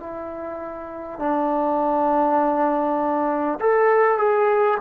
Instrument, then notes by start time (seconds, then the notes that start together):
trombone
0.00 E4
1.19 D4
3.59 A4
4.18 G#4